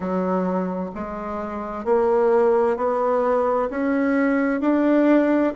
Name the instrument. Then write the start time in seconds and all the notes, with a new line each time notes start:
bassoon
0.00 F#3
0.94 G#3
1.84 A#3
2.77 B3
3.70 C#4
4.60 D4